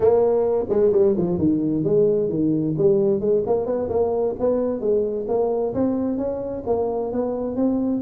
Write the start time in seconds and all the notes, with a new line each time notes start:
0.00 A#3
0.69 G#3
0.92 G3
1.17 F3
1.38 D#3
1.83 G#3
2.29 D#3
2.77 G3
3.20 G#3
3.46 A#3
3.66 B3
3.89 A#3
4.39 B3
4.80 G#3
5.28 A#3
5.74 C4
6.17 C#4
6.66 A#3
7.12 B3
7.56 C4